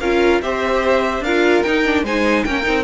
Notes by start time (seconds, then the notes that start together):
0.00 C#4 F4 A#4 F5
0.42 C4 G4 C5 E5
1.20 D4 A#4 F5
1.26 F4
1.62 D#4 G5
1.85 D4
2.03 G#3 D#4 C5 G#5
2.44 A#3 C#4 A#4 G5
2.62 C4 D#4